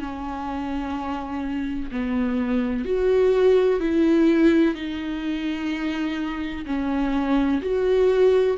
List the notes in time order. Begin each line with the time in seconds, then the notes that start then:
0.00 C#4
1.91 B3
2.85 F#4
3.81 E4
4.75 D#4
6.66 C#4
7.62 F#4